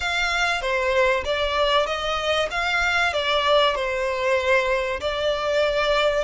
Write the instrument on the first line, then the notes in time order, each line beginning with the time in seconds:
violin
0.00 F5
0.61 C5
1.24 D5
1.86 D#5
2.51 F5
3.12 D5
3.75 C5
5.00 D5